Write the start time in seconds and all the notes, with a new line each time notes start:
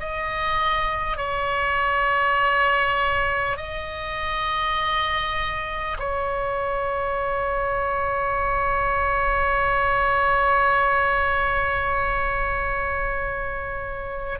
0.00 D#5
1.17 C#5
3.57 D#5
5.99 C#5